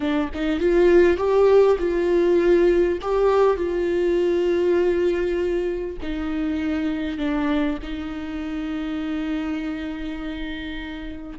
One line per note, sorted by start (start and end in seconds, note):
0.00 0.30 D4
0.34 0.59 D#4
0.59 1.17 F4
1.17 1.77 G4
1.78 2.98 F4
3.01 3.56 G4
3.56 5.96 F4
6.02 7.18 D#4
7.18 7.78 D4
7.82 11.38 D#4